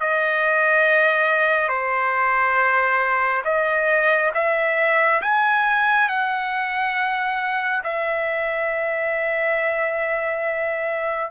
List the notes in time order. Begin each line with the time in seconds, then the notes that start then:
0.00 D#5
1.68 C5
3.44 D#5
4.34 E5
5.21 G#5
6.08 F#5
7.83 E5